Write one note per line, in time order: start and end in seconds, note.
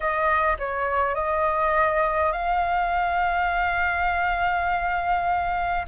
0.00 0.57 D#5
0.58 1.15 C#5
1.15 2.32 D#5
2.32 5.85 F5